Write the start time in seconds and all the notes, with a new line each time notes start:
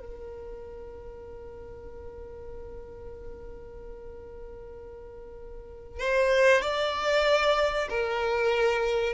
0.00 A#4
6.00 C5
6.62 D5
7.90 A#4